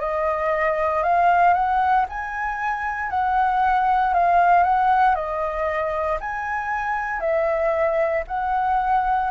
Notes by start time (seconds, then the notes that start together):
0.00 D#5
1.03 F5
1.54 F#5
2.09 G#5
3.11 F#5
4.14 F5
4.64 F#5
5.15 D#5
6.21 G#5
7.20 E5
8.28 F#5